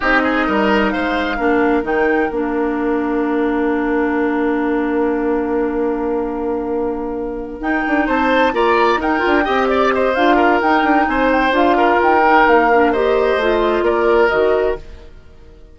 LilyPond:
<<
  \new Staff \with { instrumentName = "flute" } { \time 4/4 \tempo 4 = 130 dis''2 f''2 | g''4 f''2.~ | f''1~ | f''1~ |
f''8 g''4 a''4 ais''4 g''8~ | g''4 d''8 dis''8 f''4 g''4 | gis''8 g''8 f''4 g''4 f''4 | dis''2 d''4 dis''4 | }
  \new Staff \with { instrumentName = "oboe" } { \time 4/4 g'8 gis'8 ais'4 c''4 ais'4~ | ais'1~ | ais'1~ | ais'1~ |
ais'4. c''4 d''4 ais'8~ | ais'8 dis''8 d''8 c''4 ais'4. | c''4. ais'2~ ais'8 | c''2 ais'2 | }
  \new Staff \with { instrumentName = "clarinet" } { \time 4/4 dis'2. d'4 | dis'4 d'2.~ | d'1~ | d'1~ |
d'8 dis'2 f'4 dis'8 | f'8 g'4. f'4 dis'4~ | dis'4 f'4. dis'4 d'8 | g'4 f'2 fis'4 | }
  \new Staff \with { instrumentName = "bassoon" } { \time 4/4 c'4 g4 gis4 ais4 | dis4 ais2.~ | ais1~ | ais1~ |
ais8 dis'8 d'8 c'4 ais4 dis'8 | d'8 c'4. d'4 dis'8 d'8 | c'4 d'4 dis'4 ais4~ | ais4 a4 ais4 dis4 | }
>>